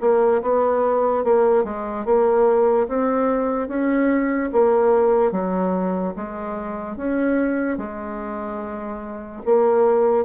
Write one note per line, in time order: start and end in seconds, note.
0.00 0.41 A#3
0.42 1.24 B3
1.24 1.64 A#3
1.64 2.05 G#3
2.05 2.87 A#3
2.88 3.68 C4
3.68 4.50 C#4
4.52 5.32 A#3
5.32 6.14 F#3
6.16 6.96 G#3
6.96 7.77 C#4
7.77 9.42 G#3
9.45 10.25 A#3